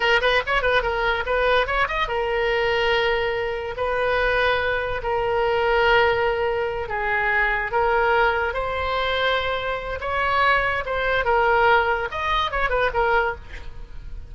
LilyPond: \new Staff \with { instrumentName = "oboe" } { \time 4/4 \tempo 4 = 144 ais'8 b'8 cis''8 b'8 ais'4 b'4 | cis''8 dis''8 ais'2.~ | ais'4 b'2. | ais'1~ |
ais'8 gis'2 ais'4.~ | ais'8 c''2.~ c''8 | cis''2 c''4 ais'4~ | ais'4 dis''4 cis''8 b'8 ais'4 | }